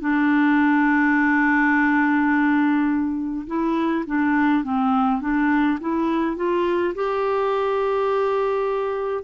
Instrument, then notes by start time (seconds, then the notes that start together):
clarinet
0.00 D4
3.47 E4
4.06 D4
4.64 C4
5.21 D4
5.80 E4
6.36 F4
6.94 G4